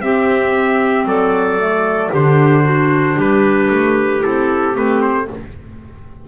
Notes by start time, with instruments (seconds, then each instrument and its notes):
0.00 double bass C4, clarinet C4 G4, trumpet E5
1.05 double bass F#3, clarinet A4, trumpet D5
1.59 clarinet A3
2.10 double bass D3, clarinet D4 G4, trumpet C5
2.64 clarinet F#4
3.16 double bass G3, clarinet G4, trumpet B4
3.71 double bass A3
4.20 double bass C4, clarinet E4, trumpet A4
4.74 double bass A3, clarinet C4, trumpet B4
5.02 trumpet C5